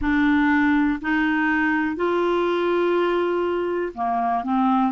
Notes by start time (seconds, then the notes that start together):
0.01 D4
1.01 D#4
1.96 F4
3.94 A#3
4.43 C4